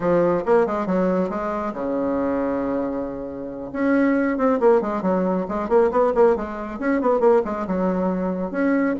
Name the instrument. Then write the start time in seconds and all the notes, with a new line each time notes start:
bassoon
0.00 F3
0.45 A#3
0.66 G#3
0.86 F#3
1.29 G#3
1.73 C#3
3.72 C#4
4.37 C4
4.60 A#3
4.81 G#3
5.02 F#3
5.48 G#3
5.68 A#3
5.91 B3
6.14 A#3
6.36 G#3
6.79 C#4
7.01 B3
7.20 A#3
7.44 G#3
7.67 F#3
8.51 C#4